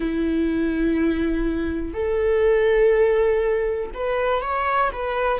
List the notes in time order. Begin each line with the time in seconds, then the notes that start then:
0.00 E4
1.93 A4
3.93 B4
4.41 C#5
4.92 B4